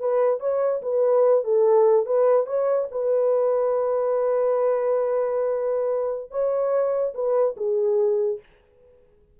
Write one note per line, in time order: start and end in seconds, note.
0.00 0.40 B4
0.40 0.82 C#5
0.82 1.44 B4
1.44 2.06 A4
2.06 2.47 B4
2.47 2.88 C#5
2.92 6.31 B4
6.31 7.14 C#5
7.15 7.56 B4
7.57 8.40 G#4